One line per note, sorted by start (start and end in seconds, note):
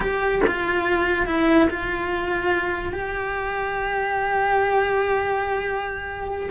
0.00 0.41 G4
0.47 1.26 F4
1.26 1.68 E4
1.69 2.92 F4
2.92 6.49 G4